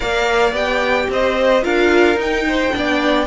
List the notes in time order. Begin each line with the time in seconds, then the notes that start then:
0.00 A#3 A#4 D5 F5
0.52 B3 G4 G5
1.09 C4 C5 D#5
1.62 D4 F4 A#4 F5
2.15 D#4 G5
2.47 C5
2.71 B3 D4 D5